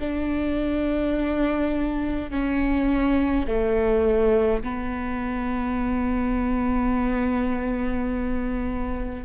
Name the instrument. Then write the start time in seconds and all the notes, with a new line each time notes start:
viola
0.00 D4
2.31 C#4
3.48 A3
4.64 B3